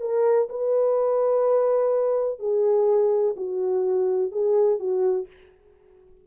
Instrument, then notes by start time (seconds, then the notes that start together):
horn
0.00 A#4
0.49 B4
2.39 G#4
3.36 F#4
4.31 G#4
4.79 F#4